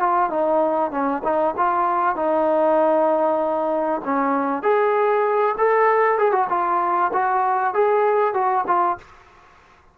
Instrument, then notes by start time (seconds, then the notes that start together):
trombone
0.00 F4
0.30 D#4
0.92 C#4
1.24 D#4
1.57 F4
2.16 D#4
4.05 C#4
4.63 G#4
5.58 A4
6.19 G#4
6.32 F#4
6.50 F4
7.13 F#4
7.74 G#4
8.34 F#4
8.67 F4